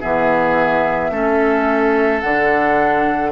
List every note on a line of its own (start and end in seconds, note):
0.00 1.10 E3
0.00 1.12 B3
0.00 1.11 G#4
0.00 2.20 E5
1.10 2.21 A3
1.10 2.23 C#4
1.10 3.31 A4
2.20 3.31 D3
2.20 3.31 D4
2.20 3.31 F#5